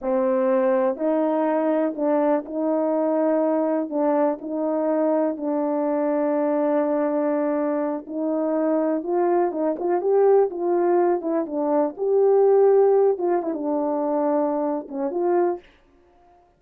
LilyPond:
\new Staff \with { instrumentName = "horn" } { \time 4/4 \tempo 4 = 123 c'2 dis'2 | d'4 dis'2. | d'4 dis'2 d'4~ | d'1~ |
d'8 dis'2 f'4 dis'8 | f'8 g'4 f'4. e'8 d'8~ | d'8 g'2~ g'8 f'8 e'16 d'16~ | d'2~ d'8 cis'8 f'4 | }